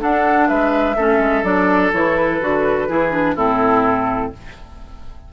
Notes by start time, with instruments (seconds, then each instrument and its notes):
0.00 clarinet D4, bassoon D4, oboe A4, flute F#5
0.48 bassoon G#3, oboe B4, flute E5
0.96 bassoon A3, clarinet C#4, oboe A4
1.19 bassoon G#3
1.43 bassoon F#3, clarinet D4, flute D5
1.93 bassoon E3, clarinet E4, flute C#5
2.17 flute B4
2.41 bassoon D3, clarinet F#4
2.89 bassoon E3, clarinet E4, oboe G#4
3.12 clarinet D4
3.35 bassoon A2, clarinet C4, oboe E4, flute A4